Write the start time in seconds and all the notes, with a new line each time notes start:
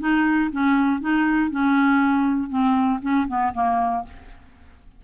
0.00 D#4
0.52 C#4
1.01 D#4
1.51 C#4
2.50 C4
3.03 C#4
3.28 B3
3.54 A#3